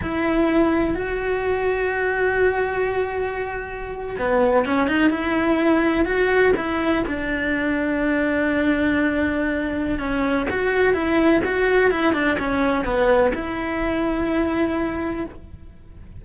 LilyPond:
\new Staff \with { instrumentName = "cello" } { \time 4/4 \tempo 4 = 126 e'2 fis'2~ | fis'1~ | fis'8. b4 cis'8 dis'8 e'4~ e'16~ | e'8. fis'4 e'4 d'4~ d'16~ |
d'1~ | d'4 cis'4 fis'4 e'4 | fis'4 e'8 d'8 cis'4 b4 | e'1 | }